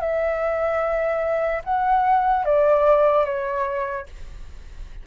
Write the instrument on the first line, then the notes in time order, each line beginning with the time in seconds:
flute
0.00 E5
1.64 F#5
2.45 D5
3.25 C#5